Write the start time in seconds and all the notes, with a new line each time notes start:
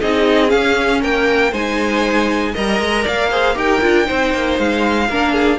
0.00 C4 D#4 G#4 D#5
0.47 C#4 F5
1.00 A#3 A#4 G5
1.51 G#3 D#4 C5 G#5
2.53 G3 A#4 D#5 A#5
2.80 G#3
3.03 A#3 D5 F5
3.31 G#4 C5
3.55 D#4 G4 A#4 G5
3.81 D4 F4
4.05 C4 D#4 C5
4.34 A#3
4.58 G#3 F5
5.09 A#3 D4 A#4
5.33 G#4